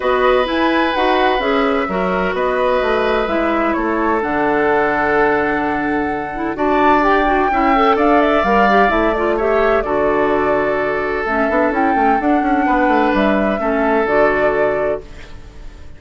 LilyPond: <<
  \new Staff \with { instrumentName = "flute" } { \time 4/4 \tempo 4 = 128 dis''4 gis''4 fis''4 e''4~ | e''4 dis''2 e''4 | cis''4 fis''2.~ | fis''2 a''4 g''4~ |
g''4 f''8 e''8 f''4 e''8 d''8 | e''4 d''2. | e''4 g''4 fis''2 | e''2 d''2 | }
  \new Staff \with { instrumentName = "oboe" } { \time 4/4 b'1 | ais'4 b'2. | a'1~ | a'2 d''2 |
e''4 d''2. | cis''4 a'2.~ | a'2. b'4~ | b'4 a'2. | }
  \new Staff \with { instrumentName = "clarinet" } { \time 4/4 fis'4 e'4 fis'4 gis'4 | fis'2. e'4~ | e'4 d'2.~ | d'4. e'8 fis'4 g'8 fis'8 |
e'8 a'4. ais'8 g'8 e'8 f'8 | g'4 fis'2. | cis'8 d'8 e'8 cis'8 d'2~ | d'4 cis'4 fis'2 | }
  \new Staff \with { instrumentName = "bassoon" } { \time 4/4 b4 e'4 dis'4 cis'4 | fis4 b4 a4 gis4 | a4 d2.~ | d2 d'2 |
cis'4 d'4 g4 a4~ | a4 d2. | a8 b8 cis'8 a8 d'8 cis'8 b8 a8 | g4 a4 d2 | }
>>